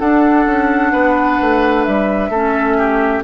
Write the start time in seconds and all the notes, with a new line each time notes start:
0.00 D4 A4 F#5
0.46 C#4
0.92 B3 B4
1.41 A3
1.84 G3 E5
2.29 A3 C#4 A4
2.78 G4